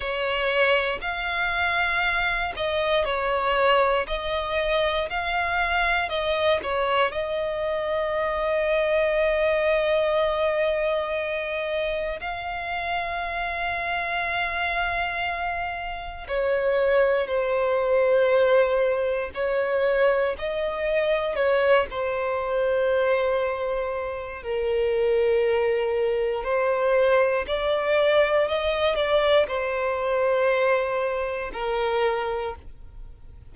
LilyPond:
\new Staff \with { instrumentName = "violin" } { \time 4/4 \tempo 4 = 59 cis''4 f''4. dis''8 cis''4 | dis''4 f''4 dis''8 cis''8 dis''4~ | dis''1 | f''1 |
cis''4 c''2 cis''4 | dis''4 cis''8 c''2~ c''8 | ais'2 c''4 d''4 | dis''8 d''8 c''2 ais'4 | }